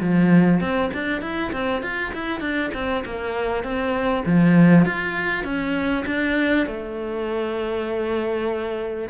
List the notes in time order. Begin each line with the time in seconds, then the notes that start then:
0.00 F3
0.60 C4
0.94 D4
1.21 E4
1.52 C4
1.82 F4
2.14 E4
2.40 D4
2.74 C4
3.05 A#3
3.63 C4
4.25 F3
4.85 F4
5.44 C#4
6.06 D4
6.67 A3